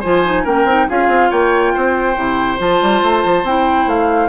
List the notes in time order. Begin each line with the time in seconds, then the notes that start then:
0.00 F3 F4 C5 G#5
0.25 D#4
0.44 A#3 C#4 A#4 G5
0.64 C4 D#4
0.89 C#4 F4 G#4 F5
1.08 C4
1.30 A#3 C#5 G5
1.74 C4 C5
2.15 C3 E4
2.58 F3 F4 A5
2.82 G3
3.02 A3
3.25 F3
3.43 C4 E4 G5
3.86 A3 F5